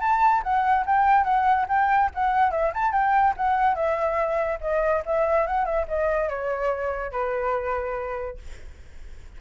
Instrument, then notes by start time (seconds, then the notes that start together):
flute
0.00 A5
0.43 F#5
0.86 G5
1.24 F#5
1.68 G5
2.14 F#5
2.51 E5
2.74 A5
2.92 G5
3.37 F#5
3.75 E5
4.61 D#5
5.06 E5
5.47 F#5
5.65 E5
5.88 D#5
6.29 C#5
7.12 B4